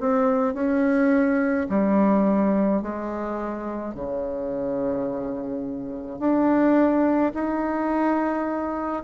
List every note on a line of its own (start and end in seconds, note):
0.00 0.54 C4
0.54 1.67 C#4
1.69 2.82 G3
2.82 3.95 G#3
3.95 6.19 C#3
6.19 7.32 D4
7.34 9.04 D#4